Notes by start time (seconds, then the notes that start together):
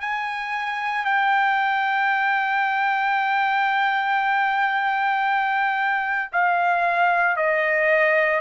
0.00 G#5
1.04 G5
6.32 F5
7.36 D#5